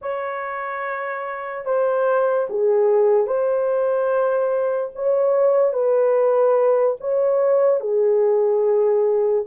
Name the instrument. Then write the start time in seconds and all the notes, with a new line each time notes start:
horn
0.01 C#5
1.65 C5
2.49 G#4
3.27 C5
4.95 C#5
5.73 B4
7.00 C#5
7.80 G#4